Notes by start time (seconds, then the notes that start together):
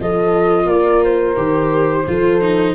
0.00 F3 F4 A4 D#5
0.65 A#3 A#4 D5
1.04 C5
1.36 D#3 G4
2.06 F3 F4 A4
2.41 D#4